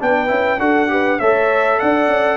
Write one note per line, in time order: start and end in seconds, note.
0.00 0.30 B3
0.00 0.28 D4
0.00 0.61 B4
0.00 0.60 G5
0.28 0.60 C#4
0.28 0.58 E4
0.60 1.20 D4
0.60 0.89 F#4
0.60 0.91 A4
0.60 1.20 F#5
0.89 1.19 G4
0.89 1.19 B4
1.19 1.80 A3
1.19 2.38 A4
1.19 1.79 C#5
1.19 1.80 E5
1.79 2.08 D4
1.79 2.38 D5
1.79 2.38 F#5
2.08 2.38 C#4